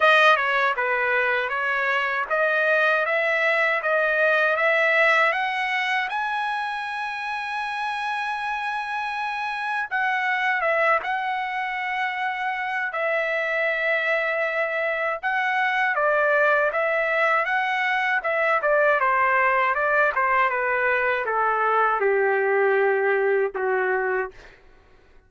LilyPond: \new Staff \with { instrumentName = "trumpet" } { \time 4/4 \tempo 4 = 79 dis''8 cis''8 b'4 cis''4 dis''4 | e''4 dis''4 e''4 fis''4 | gis''1~ | gis''4 fis''4 e''8 fis''4.~ |
fis''4 e''2. | fis''4 d''4 e''4 fis''4 | e''8 d''8 c''4 d''8 c''8 b'4 | a'4 g'2 fis'4 | }